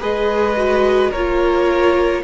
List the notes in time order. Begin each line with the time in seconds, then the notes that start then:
0.00 G#3 G#4 B4 D#5
0.56 F#4
1.10 A#3 F4 A#4 C#5